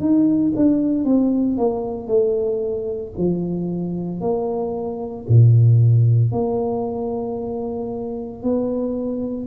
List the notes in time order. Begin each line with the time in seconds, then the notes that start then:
0.00 D#4
0.56 D4
1.05 C4
1.57 A#3
2.07 A3
3.17 F3
4.21 A#3
5.28 A#2
6.32 A#3
8.43 B3